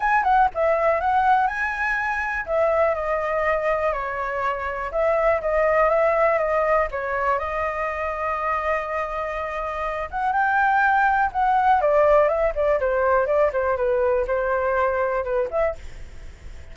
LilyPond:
\new Staff \with { instrumentName = "flute" } { \time 4/4 \tempo 4 = 122 gis''8 fis''8 e''4 fis''4 gis''4~ | gis''4 e''4 dis''2 | cis''2 e''4 dis''4 | e''4 dis''4 cis''4 dis''4~ |
dis''1~ | dis''8 fis''8 g''2 fis''4 | d''4 e''8 d''8 c''4 d''8 c''8 | b'4 c''2 b'8 e''8 | }